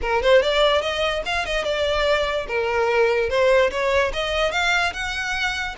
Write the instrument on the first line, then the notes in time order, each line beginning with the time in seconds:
violin
0.01 A#4
0.22 C5
0.42 D5
0.81 D#5
1.25 F5
1.45 D#5
1.64 D5
2.47 A#4
3.29 C5
3.70 C#5
4.13 D#5
4.51 F5
4.93 F#5